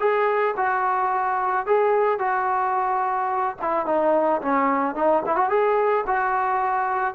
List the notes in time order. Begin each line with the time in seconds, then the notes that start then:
0.00 G#4
0.57 F#4
1.67 G#4
2.19 F#4
3.62 E4
3.87 D#4
4.42 C#4
4.96 D#4
5.26 E4
5.36 F#4
5.50 G#4
6.07 F#4